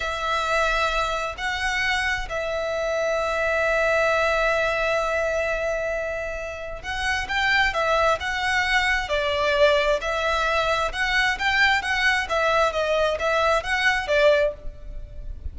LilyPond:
\new Staff \with { instrumentName = "violin" } { \time 4/4 \tempo 4 = 132 e''2. fis''4~ | fis''4 e''2.~ | e''1~ | e''2. fis''4 |
g''4 e''4 fis''2 | d''2 e''2 | fis''4 g''4 fis''4 e''4 | dis''4 e''4 fis''4 d''4 | }